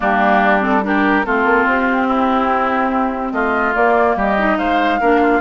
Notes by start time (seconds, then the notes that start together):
0.00 G3 A#3 D4 G4
0.60 C4 A4
0.83 D4 G4 A#4
1.25 A3 C4 F4 A4
1.44 A#3
1.66 C4 G4
2.07 E4
3.32 A3 F4 D#5
3.74 A#3 D5
4.16 G3 G4 D#5
4.37 D#4
4.58 G#3 C5 F5
5.00 A#3 D4 A#4
5.21 F4